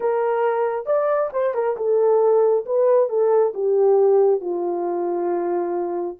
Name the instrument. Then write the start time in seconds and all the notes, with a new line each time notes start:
horn
0.00 A#4
0.86 D5
1.32 C5
1.54 A#4
1.76 A4
2.65 B4
3.09 A4
3.54 G4
4.40 F4